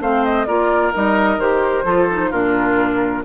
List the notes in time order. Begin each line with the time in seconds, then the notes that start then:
0.00 A3 C4 C5 F5
0.24 D#5
0.45 A#3 F4 A#4 D5
0.93 G3 D#4 D#5
1.38 D#3 G4 C5
1.84 F3 F4 A4
2.10 D#4
2.30 A#2 D4 F4 A#4